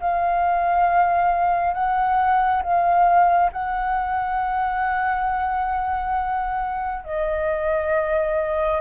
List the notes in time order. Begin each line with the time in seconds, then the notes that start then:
0.00 F5
1.74 F#5
2.62 F5
3.52 F#5
7.04 D#5